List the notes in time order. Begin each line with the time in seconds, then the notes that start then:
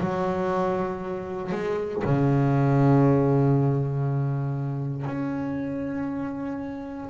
0.00 F#3
1.52 G#3
2.05 C#3
5.07 C#4